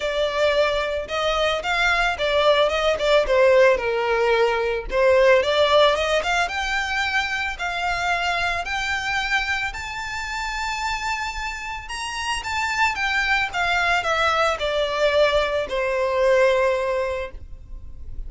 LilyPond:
\new Staff \with { instrumentName = "violin" } { \time 4/4 \tempo 4 = 111 d''2 dis''4 f''4 | d''4 dis''8 d''8 c''4 ais'4~ | ais'4 c''4 d''4 dis''8 f''8 | g''2 f''2 |
g''2 a''2~ | a''2 ais''4 a''4 | g''4 f''4 e''4 d''4~ | d''4 c''2. | }